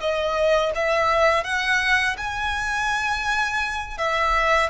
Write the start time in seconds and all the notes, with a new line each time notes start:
0.00 D#5
0.75 E5
1.44 F#5
2.17 G#5
3.98 E5